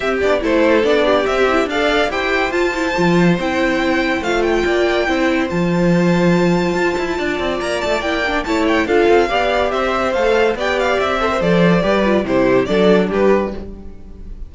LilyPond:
<<
  \new Staff \with { instrumentName = "violin" } { \time 4/4 \tempo 4 = 142 e''8 d''8 c''4 d''4 e''4 | f''4 g''4 a''2 | g''2 f''8 g''4.~ | g''4 a''2.~ |
a''2 ais''8 a''8 g''4 | a''8 g''8 f''2 e''4 | f''4 g''8 f''8 e''4 d''4~ | d''4 c''4 d''4 b'4 | }
  \new Staff \with { instrumentName = "violin" } { \time 4/4 g'4 a'4. g'4. | d''4 c''2.~ | c''2. d''4 | c''1~ |
c''4 d''2. | cis''4 a'4 d''4 c''4~ | c''4 d''4. c''4. | b'4 g'4 a'4 g'4 | }
  \new Staff \with { instrumentName = "viola" } { \time 4/4 c'8 d'8 e'4 d'4 c'8 e'8 | a'4 g'4 f'8 e'8 f'4 | e'2 f'2 | e'4 f'2.~ |
f'2. e'8 d'8 | e'4 f'4 g'2 | a'4 g'4. a'16 ais'16 a'4 | g'8 f'8 e'4 d'2 | }
  \new Staff \with { instrumentName = "cello" } { \time 4/4 c'8 b8 a4 b4 c'4 | d'4 e'4 f'4 f4 | c'2 a4 ais4 | c'4 f2. |
f'8 e'8 d'8 c'8 ais8 a8 ais4 | a4 d'8 c'8 b4 c'4 | a4 b4 c'4 f4 | g4 c4 fis4 g4 | }
>>